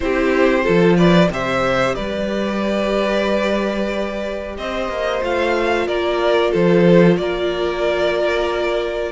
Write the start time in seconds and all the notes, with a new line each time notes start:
0.00 C4 E4 G4 C5
0.63 F3 F4 A4
0.96 B4 D5
1.29 C3 G4 C5 E5
1.95 G3 B4 D5
4.57 C4 C5 D#5
4.89 A#3
5.21 A3 F4 F5
5.87 A#3 A#4 D5
6.51 F3 A4 C5
7.17 A#3 A#4 D5